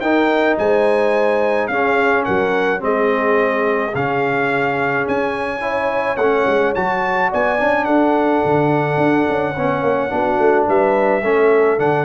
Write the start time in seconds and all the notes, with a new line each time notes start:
0.00 D#4 A#4 G5
0.58 G#3 C5 G#5
1.67 C#4 G#4 F5
2.24 F#3 A#4 F#5
2.79 G#3 C4 G#4 D#5
3.94 C#3 C#4 F5
5.07 C#4 G#5
5.60 E4 C#5
6.16 A3 C#4 F#5
6.46 G#3
6.74 F#3 F#4 A5
7.29 B3 D5 G#5
7.58 C#4 D4
7.84 D4 A4 F#5
8.45 D3
8.97 D4
9.29 C#4
9.56 B3 C#4 C#5
9.82 A#3
10.09 B3 D4 F#4
10.39 A3
10.67 G3 B4 E5
11.23 A3 C#4 A4
11.78 D3 D4 F#5